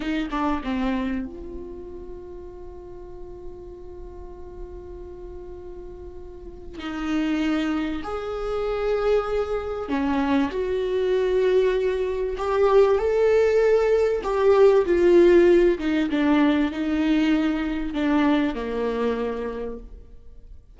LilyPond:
\new Staff \with { instrumentName = "viola" } { \time 4/4 \tempo 4 = 97 dis'8 d'8 c'4 f'2~ | f'1~ | f'2. dis'4~ | dis'4 gis'2. |
cis'4 fis'2. | g'4 a'2 g'4 | f'4. dis'8 d'4 dis'4~ | dis'4 d'4 ais2 | }